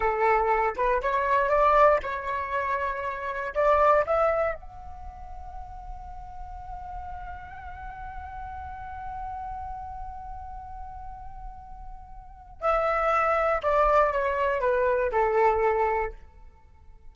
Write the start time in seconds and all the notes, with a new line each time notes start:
0.00 A4
0.76 B4
1.02 C#5
1.49 D5
2.02 C#5
3.54 D5
4.06 E5
4.54 F#5
12.61 E5
13.62 D5
14.12 C#5
14.60 B4
15.11 A4